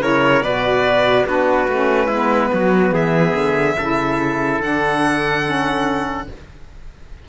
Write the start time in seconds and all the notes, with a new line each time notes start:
0.00 C#3 E4 A#4 C#5
0.41 B2 F#4 B4 D5
1.26 B3 D4 F#4 B4
1.68 A3 C#4
2.06 G#3 B3 E4
2.53 F#3 F#4
2.91 E3 G#4 E5
3.34 D3
3.78 C#3 E4 A4
4.60 D3 D4 F#5
5.44 C#4